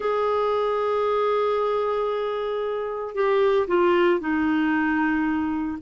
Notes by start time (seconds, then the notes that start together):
0.00 G#4
3.14 G4
3.67 F4
4.20 D#4